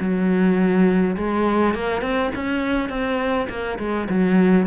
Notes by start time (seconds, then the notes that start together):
0.00 F#3
1.17 G#3
1.74 A#3
2.01 C4
2.35 C#4
2.89 C4
3.49 A#3
3.79 G#3
4.09 F#3